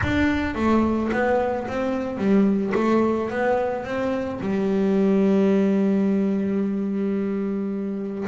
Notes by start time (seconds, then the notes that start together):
0.02 D4
0.54 A3
1.12 B3
1.68 C4
2.17 G3
2.74 A3
3.30 B3
3.84 C4
4.40 G3